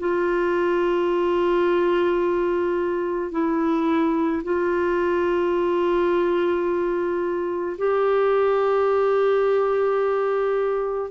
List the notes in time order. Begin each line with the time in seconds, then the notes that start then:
0.00 F4
3.32 E4
4.44 F4
7.78 G4